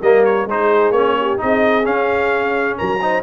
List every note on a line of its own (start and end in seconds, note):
0.00 0.45 G3
0.00 0.49 A#3
0.00 0.46 A#4
0.00 0.24 D#5
0.24 0.47 C#5
0.45 0.90 G#3
0.45 0.94 D#4
0.45 1.18 G#4
0.45 0.92 C5
0.90 1.36 A#3
0.90 1.37 C#4
0.90 1.37 C#5
1.19 1.42 G4
1.37 1.85 C4
1.37 1.83 D#4
1.37 2.78 G#4
1.37 1.85 D#5
1.84 2.98 C#4
1.84 2.77 C#4
1.84 2.77 F5
2.77 3.22 F#3
2.77 3.01 A#4
2.77 3.22 A#5
3.01 3.22 D#4
3.01 3.22 C5